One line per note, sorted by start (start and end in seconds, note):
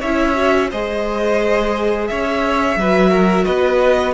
0.00 0.72 C#4
0.00 0.35 E4
0.00 0.69 C#5
0.00 0.70 E5
0.35 0.70 F#4
0.70 2.10 G#3
0.70 2.78 G#4
0.70 2.08 C5
0.70 2.08 D#5
2.08 2.76 C#4
2.08 2.79 C#5
2.08 3.45 E5
2.76 3.45 F#3
2.76 4.14 F#4
2.76 3.10 B4
3.10 3.45 A#4
3.45 4.14 B3
3.45 4.14 B4
3.45 4.14 D#5